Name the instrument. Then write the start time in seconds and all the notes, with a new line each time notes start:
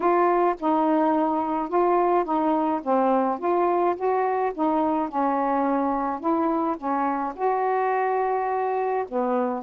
saxophone
0.00 F4
0.59 D#4
1.69 F4
2.24 D#4
2.83 C4
3.38 F4
3.95 F#4
4.54 D#4
5.08 C#4
6.20 E4
6.77 C#4
7.35 F#4
9.08 B3